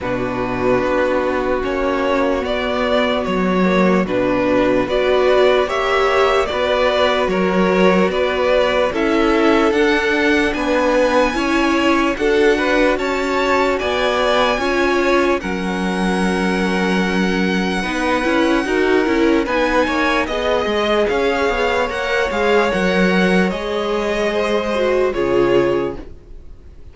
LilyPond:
<<
  \new Staff \with { instrumentName = "violin" } { \time 4/4 \tempo 4 = 74 b'2 cis''4 d''4 | cis''4 b'4 d''4 e''4 | d''4 cis''4 d''4 e''4 | fis''4 gis''2 fis''4 |
a''4 gis''2 fis''4~ | fis''1 | gis''4 dis''4 f''4 fis''8 f''8 | fis''4 dis''2 cis''4 | }
  \new Staff \with { instrumentName = "violin" } { \time 4/4 fis'1~ | fis'2 b'4 cis''4 | b'4 ais'4 b'4 a'4~ | a'4 b'4 cis''4 a'8 b'8 |
cis''4 d''4 cis''4 ais'4~ | ais'2 b'4 ais'4 | b'8 cis''8 dis''4 cis''2~ | cis''2 c''4 gis'4 | }
  \new Staff \with { instrumentName = "viola" } { \time 4/4 d'2 cis'4 b4~ | b8 ais8 d'4 fis'4 g'4 | fis'2. e'4 | d'2 e'4 fis'4~ |
fis'2 f'4 cis'4~ | cis'2 dis'8 e'8 fis'8 e'8 | dis'4 gis'2 ais'8 gis'8 | ais'4 gis'4. fis'8 f'4 | }
  \new Staff \with { instrumentName = "cello" } { \time 4/4 b,4 b4 ais4 b4 | fis4 b,4 b4 ais4 | b4 fis4 b4 cis'4 | d'4 b4 cis'4 d'4 |
cis'4 b4 cis'4 fis4~ | fis2 b8 cis'8 dis'8 cis'8 | b8 ais8 b8 gis8 cis'8 b8 ais8 gis8 | fis4 gis2 cis4 | }
>>